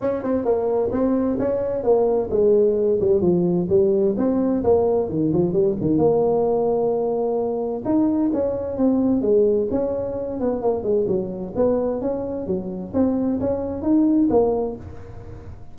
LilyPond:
\new Staff \with { instrumentName = "tuba" } { \time 4/4 \tempo 4 = 130 cis'8 c'8 ais4 c'4 cis'4 | ais4 gis4. g8 f4 | g4 c'4 ais4 dis8 f8 | g8 dis8 ais2.~ |
ais4 dis'4 cis'4 c'4 | gis4 cis'4. b8 ais8 gis8 | fis4 b4 cis'4 fis4 | c'4 cis'4 dis'4 ais4 | }